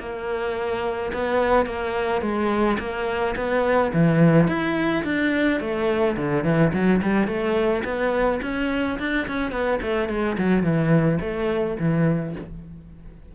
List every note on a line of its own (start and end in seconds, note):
0.00 1.12 A#3
1.13 1.66 B3
1.66 2.22 A#3
2.22 2.78 G#3
2.79 3.35 A#3
3.36 3.92 B3
3.94 4.48 E3
4.48 5.04 E4
5.04 5.60 D4
5.61 6.17 A3
6.17 6.44 D3
6.44 6.72 E3
6.74 7.02 F#3
7.02 7.28 G3
7.28 7.84 A3
7.85 8.41 B3
8.42 8.98 C#4
8.99 9.28 D4
9.28 9.52 C#4
9.52 9.80 B3
9.82 10.09 A3
10.09 10.37 G#3
10.38 10.63 F#3
10.63 11.19 E3
11.21 11.77 A3
11.80 12.36 E3